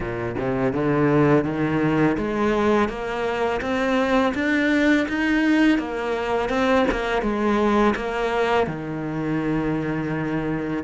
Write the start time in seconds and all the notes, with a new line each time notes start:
0.00 A#2
0.38 C3
0.72 D3
1.44 D#3
2.17 G#3
2.88 A#3
3.61 C4
4.34 D4
5.08 D#4
5.78 A#3
6.49 C4
6.91 A#3
7.22 G#3
7.95 A#3
8.66 D#3